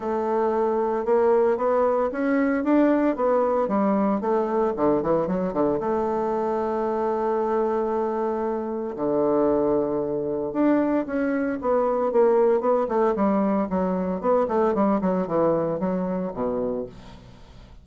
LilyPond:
\new Staff \with { instrumentName = "bassoon" } { \time 4/4 \tempo 4 = 114 a2 ais4 b4 | cis'4 d'4 b4 g4 | a4 d8 e8 fis8 d8 a4~ | a1~ |
a4 d2. | d'4 cis'4 b4 ais4 | b8 a8 g4 fis4 b8 a8 | g8 fis8 e4 fis4 b,4 | }